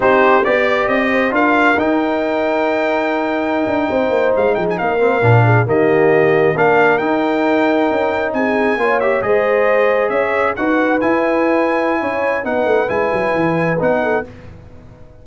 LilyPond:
<<
  \new Staff \with { instrumentName = "trumpet" } { \time 4/4 \tempo 4 = 135 c''4 d''4 dis''4 f''4 | g''1~ | g''4.~ g''16 f''8 g''16 gis''16 f''4~ f''16~ | f''8. dis''2 f''4 g''16~ |
g''2~ g''8. gis''4~ gis''16~ | gis''16 e''8 dis''2 e''4 fis''16~ | fis''8. gis''2.~ gis''16 | fis''4 gis''2 fis''4 | }
  \new Staff \with { instrumentName = "horn" } { \time 4/4 g'4 d''4. c''8 ais'4~ | ais'1~ | ais'8. c''4. gis'8 ais'4~ ais'16~ | ais'16 gis'8 g'2 ais'4~ ais'16~ |
ais'2~ ais'8. gis'4 cis''16~ | cis''8. c''2 cis''4 b'16~ | b'2. cis''4 | b'2.~ b'8 a'8 | }
  \new Staff \with { instrumentName = "trombone" } { \time 4/4 dis'4 g'2 f'4 | dis'1~ | dis'2.~ dis'16 c'8 d'16~ | d'8. ais2 d'4 dis'16~ |
dis'2.~ dis'8. f'16~ | f'16 g'8 gis'2. fis'16~ | fis'8. e'2.~ e'16 | dis'4 e'2 dis'4 | }
  \new Staff \with { instrumentName = "tuba" } { \time 4/4 c'4 b4 c'4 d'4 | dis'1~ | dis'16 d'8 c'8 ais8 gis8 f8 ais4 ais,16~ | ais,8. dis2 ais4 dis'16~ |
dis'4.~ dis'16 cis'4 c'4 ais16~ | ais8. gis2 cis'4 dis'16~ | dis'8. e'2~ e'16 cis'4 | b8 a8 gis8 fis8 e4 b4 | }
>>